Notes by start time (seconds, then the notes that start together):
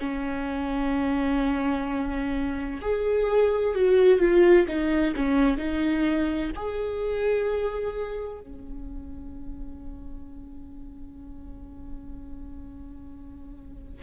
0.00 C#4
2.82 G#4
3.75 F#4
4.20 F4
4.68 D#4
5.16 C#4
5.58 D#4
6.56 G#4
8.41 C#4